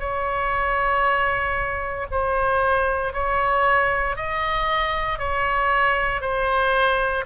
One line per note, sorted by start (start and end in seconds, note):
0.00 2.07 C#5
2.12 3.13 C5
3.13 4.17 C#5
4.17 5.19 D#5
5.19 6.22 C#5
6.22 7.25 C5